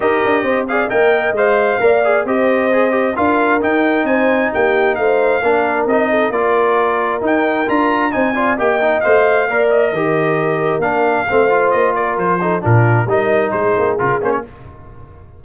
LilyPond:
<<
  \new Staff \with { instrumentName = "trumpet" } { \time 4/4 \tempo 4 = 133 dis''4. f''8 g''4 f''4~ | f''4 dis''2 f''4 | g''4 gis''4 g''4 f''4~ | f''4 dis''4 d''2 |
g''4 ais''4 gis''4 g''4 | f''4. dis''2~ dis''8 | f''2 dis''8 d''8 c''4 | ais'4 dis''4 c''4 ais'8 c''16 cis''16 | }
  \new Staff \with { instrumentName = "horn" } { \time 4/4 ais'4 c''8 d''8 dis''2 | d''4 c''2 ais'4~ | ais'4 c''4 g'4 c''4 | ais'4. a'8 ais'2~ |
ais'2 c''8 d''8 dis''4~ | dis''4 d''4 ais'2~ | ais'4 c''4. ais'4 a'8 | f'4 ais'4 gis'2 | }
  \new Staff \with { instrumentName = "trombone" } { \time 4/4 g'4. gis'8 ais'4 c''4 | ais'8 gis'8 g'4 gis'8 g'8 f'4 | dis'1 | d'4 dis'4 f'2 |
dis'4 f'4 dis'8 f'8 g'8 dis'8 | c''4 ais'4 g'2 | d'4 c'8 f'2 dis'8 | d'4 dis'2 f'8 cis'8 | }
  \new Staff \with { instrumentName = "tuba" } { \time 4/4 dis'8 d'8 c'4 ais4 gis4 | ais4 c'2 d'4 | dis'4 c'4 ais4 a4 | ais4 c'4 ais2 |
dis'4 d'4 c'4 ais4 | a4 ais4 dis2 | ais4 a4 ais4 f4 | ais,4 g4 gis8 ais8 cis8 ais8 | }
>>